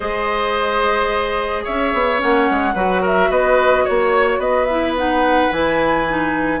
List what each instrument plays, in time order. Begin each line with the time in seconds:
0.00 bassoon G#3, clarinet G#4, oboe C5, flute D#5
1.63 bassoon C#4, oboe C#5, flute E5
1.93 bassoon B3
2.18 bassoon A#3, clarinet C#4, flute F#5
2.49 bassoon G#3
2.74 bassoon F#3, clarinet F#4, oboe B4
3.01 oboe A#4, flute E5
3.29 bassoon B3, oboe B4, flute D#5
3.84 bassoon A#3, oboe C#5, flute C#5
4.38 bassoon B3, oboe B4, flute D#5
4.65 clarinet E4, flute E5
4.97 clarinet D#4, flute F#5
5.51 bassoon E3, clarinet E4, flute G#5
6.07 clarinet D#4